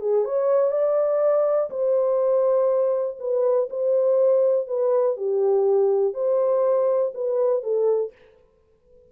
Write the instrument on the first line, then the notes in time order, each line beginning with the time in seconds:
horn
0.00 G#4
0.24 C#5
0.71 D5
1.70 C5
3.19 B4
3.70 C5
4.67 B4
5.16 G4
6.13 C5
7.14 B4
7.63 A4